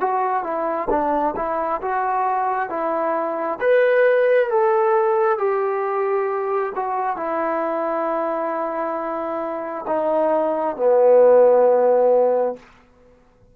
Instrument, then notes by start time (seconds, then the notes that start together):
trombone
0.00 F#4
0.44 E4
0.90 D4
1.36 E4
1.82 F#4
2.69 E4
3.60 B4
4.50 A4
5.38 G4
6.75 F#4
7.16 E4
9.87 D#4
10.76 B3